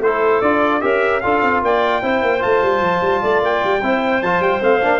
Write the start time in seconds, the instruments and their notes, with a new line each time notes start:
0.00 tuba A3, trombone E4, clarinet A4, trumpet C5
0.42 tuba D4, trombone F4, trumpet D5
0.81 tuba C#4, trombone G4, clarinet A#4, trumpet E5
1.21 tuba D4, trombone F4, clarinet A4, trumpet F5
1.42 tuba C4
1.62 tuba A#3, clarinet D5, trumpet G5
2.03 tuba C4, trombone E4, clarinet C5
2.22 tuba A#3
2.40 tuba A3, trombone F4, trumpet A5
2.62 tuba G3
2.81 tuba F3
3.02 tuba G3
3.22 tuba A3, clarinet D5
3.42 tuba A#3, trumpet G5
3.64 tuba G3
3.83 tuba C4, trombone E4, clarinet C5
4.23 tuba F3, trombone F4, trumpet A5
4.40 tuba G3, trumpet G5
4.61 tuba A3, trombone C4, trumpet F5
4.81 tuba A#3, trombone D4